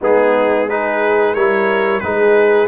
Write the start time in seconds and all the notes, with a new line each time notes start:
0.01 G#3 B3 D#4 G#4
0.67 D#4 G#4 B4
1.34 G3 E4 A#4 C#5
2.00 G#3 D#4 G#4 B4